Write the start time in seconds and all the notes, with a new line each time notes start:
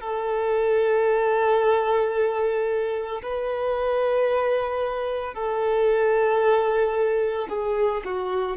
0.00 A4
3.22 B4
5.34 A4
7.49 G#4
8.05 F#4